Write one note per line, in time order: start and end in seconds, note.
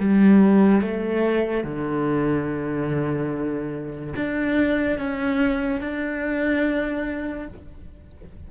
0.00 0.81 G3
0.81 1.64 A3
1.64 4.14 D3
4.16 4.98 D4
4.98 5.81 C#4
5.81 7.47 D4